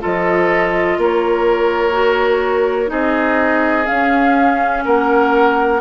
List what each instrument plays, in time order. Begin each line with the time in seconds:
0.00 bassoon F3, clarinet F4, oboe A4, flute D#5
0.98 bassoon A#3, oboe A#4, flute C#5
1.92 clarinet F#4
2.87 bassoon C4, clarinet D#4, oboe G#4, flute D#5
3.86 clarinet C#4, bassoon C#4, flute F5
4.85 bassoon A#3, oboe A#4, flute F#5